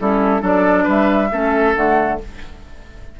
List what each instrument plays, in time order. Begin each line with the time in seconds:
0.00 bassoon G3, clarinet C#4, oboe E4, flute A4
0.40 bassoon F#3, clarinet D4, oboe A4, flute D5
0.83 bassoon G3, oboe B4
0.89 flute E5
1.31 bassoon A3, clarinet C#4, oboe A4
1.74 bassoon D3, clarinet A3, flute F#5